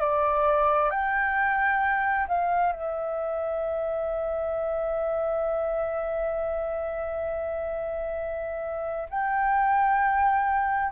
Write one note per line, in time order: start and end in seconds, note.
0.00 0.90 D5
0.90 2.27 G5
2.28 2.72 F5
2.72 9.09 E5
9.10 10.91 G5